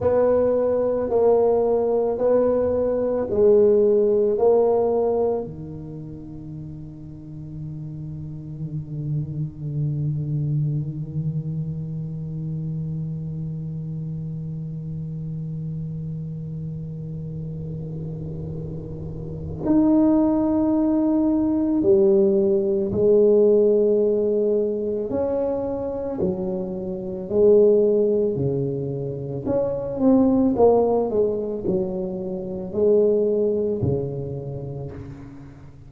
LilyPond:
\new Staff \with { instrumentName = "tuba" } { \time 4/4 \tempo 4 = 55 b4 ais4 b4 gis4 | ais4 dis2.~ | dis1~ | dis1~ |
dis2 dis'2 | g4 gis2 cis'4 | fis4 gis4 cis4 cis'8 c'8 | ais8 gis8 fis4 gis4 cis4 | }